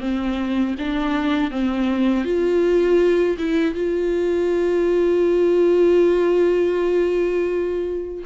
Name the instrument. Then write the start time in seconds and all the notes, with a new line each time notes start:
viola
0.00 C4
0.78 D4
1.51 C4
2.24 F4
3.38 E4
3.74 F4